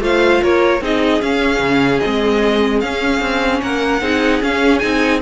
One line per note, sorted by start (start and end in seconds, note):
0.00 0.40 A3
0.00 0.81 F4
0.00 0.42 C5
0.00 0.43 F5
0.42 0.81 A#3
0.42 0.82 A#4
0.42 0.83 C#5
0.81 1.21 C4
0.81 1.22 D#4
0.81 3.62 G#4
0.81 1.22 D#5
1.22 1.59 C#4
1.22 2.02 C#4
1.22 2.00 F5
1.59 1.99 C#3
2.00 2.83 C4
2.00 2.80 D#5
2.06 2.82 G#3
2.80 3.21 C#4
2.80 4.01 C#4
2.80 3.60 F5
3.21 3.61 C4
3.62 4.01 A#3
3.62 4.02 A#4
3.62 4.42 F#5
4.01 4.41 C4
4.01 4.41 D#4
4.01 5.21 G#4
4.42 4.81 C#4
4.42 4.82 C#4
4.42 4.79 F5
4.79 5.21 C4
4.79 5.21 D#4
4.79 5.19 G#5